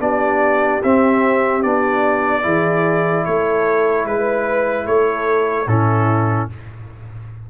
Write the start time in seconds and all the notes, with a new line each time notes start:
0.00 B3 D4 G4 D5
0.83 C4 E5
1.63 B3 D4 D5
2.42 E3 E4 G#4
3.25 A3 A4 C#5
4.05 G#3 B4
4.86 A3 A4 C#5
5.67 A2 C#4 E4 A4